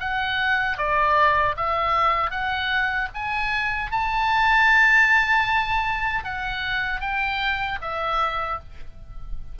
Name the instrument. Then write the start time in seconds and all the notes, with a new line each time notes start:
oboe
0.00 F#5
0.78 D5
1.57 E5
2.31 F#5
3.15 G#5
3.92 A5
6.24 F#5
7.01 G5
7.82 E5